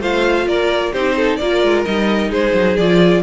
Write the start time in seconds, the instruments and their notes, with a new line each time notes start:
0.00 cello A3, viola F4, violin C5 F5
0.46 cello A#3, violin A#4 D5
0.92 cello C4, viola D#4, violin G4 C5
1.16 violin A4
1.36 cello A#3, viola F4, violin A#4 D5
1.62 cello G#3
1.85 cello G3, viola D#4, violin D#5
2.29 cello G#3, violin G#4 C5
2.54 cello F#3
2.77 cello F3, viola F4, violin D5